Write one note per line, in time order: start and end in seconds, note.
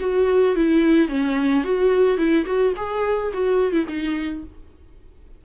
0.00 0.56 F#4
0.56 1.08 E4
1.08 1.64 C#4
1.64 2.17 F#4
2.17 2.45 E4
2.46 2.73 F#4
2.76 3.32 G#4
3.33 3.72 F#4
3.72 3.86 E4
3.88 4.44 D#4